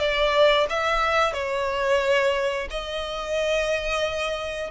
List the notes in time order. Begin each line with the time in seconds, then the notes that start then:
0.00 D5
0.70 E5
1.34 C#5
2.71 D#5